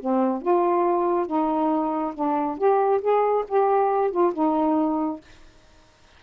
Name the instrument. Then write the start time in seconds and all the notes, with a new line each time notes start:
saxophone
0.00 C4
0.42 F4
1.27 D#4
2.14 D4
2.58 G4
3.01 G#4
3.48 G4
4.11 F4
4.33 D#4